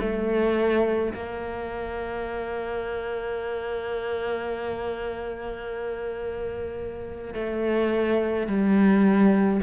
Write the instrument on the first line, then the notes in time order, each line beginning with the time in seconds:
cello
0.00 A3
1.13 A#3
7.34 A3
8.47 G3